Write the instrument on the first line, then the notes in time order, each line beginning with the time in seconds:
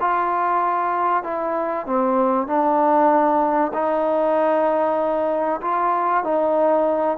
trombone
0.00 F4
1.23 E4
1.86 C4
2.47 D4
3.73 D#4
5.61 F4
6.23 D#4